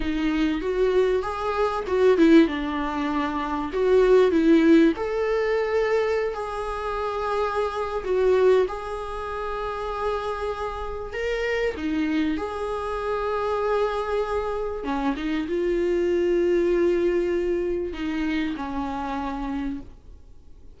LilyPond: \new Staff \with { instrumentName = "viola" } { \time 4/4 \tempo 4 = 97 dis'4 fis'4 gis'4 fis'8 e'8 | d'2 fis'4 e'4 | a'2~ a'16 gis'4.~ gis'16~ | gis'4 fis'4 gis'2~ |
gis'2 ais'4 dis'4 | gis'1 | cis'8 dis'8 f'2.~ | f'4 dis'4 cis'2 | }